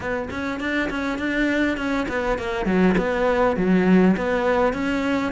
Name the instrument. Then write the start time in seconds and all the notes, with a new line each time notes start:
cello
0.00 B3
0.30 C#4
0.59 D4
0.90 C#4
1.18 D4
1.77 C#4
2.08 B3
2.38 A#3
2.65 F#3
2.97 B3
3.56 F#3
4.16 B3
4.73 C#4